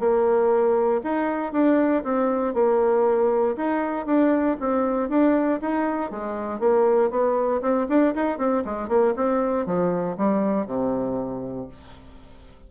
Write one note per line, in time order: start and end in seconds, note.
0.00 1.02 A#3
1.04 1.53 D#4
1.53 2.04 D4
2.04 2.55 C4
2.55 3.56 A#3
3.57 4.06 D#4
4.06 4.57 D4
4.61 5.10 C4
5.10 5.60 D4
5.61 6.11 D#4
6.11 6.60 G#3
6.60 7.11 A#3
7.11 7.62 B3
7.62 7.87 C4
7.89 8.15 D4
8.15 8.39 D#4
8.39 8.64 C4
8.65 8.89 G#3
8.89 9.14 A#3
9.16 9.67 C4
9.67 10.17 F3
10.17 10.67 G3
10.67 11.69 C3